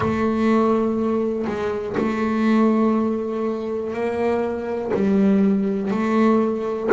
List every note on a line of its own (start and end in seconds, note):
0.00 1.45 A3
1.47 1.96 G#3
1.97 3.93 A3
3.93 4.91 A#3
4.94 5.91 G3
5.91 6.89 A3